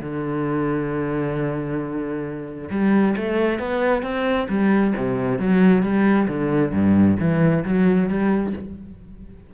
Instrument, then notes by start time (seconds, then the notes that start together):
cello
0.00 D3
2.70 G3
3.16 A3
3.59 B3
4.02 C4
4.49 G3
4.96 C3
5.39 F#3
5.82 G3
6.27 D3
6.72 G2
7.19 E3
7.64 F#3
8.08 G3